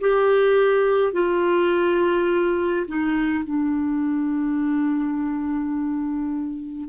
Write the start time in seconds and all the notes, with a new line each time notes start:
0.00 G4
1.13 F4
2.87 D#4
3.44 D4